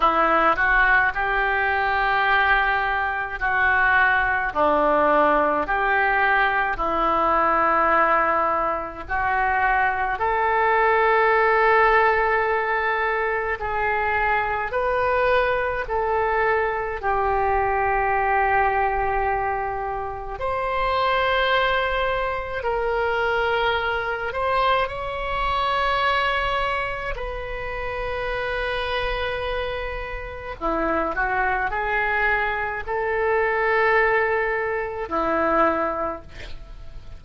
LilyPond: \new Staff \with { instrumentName = "oboe" } { \time 4/4 \tempo 4 = 53 e'8 fis'8 g'2 fis'4 | d'4 g'4 e'2 | fis'4 a'2. | gis'4 b'4 a'4 g'4~ |
g'2 c''2 | ais'4. c''8 cis''2 | b'2. e'8 fis'8 | gis'4 a'2 e'4 | }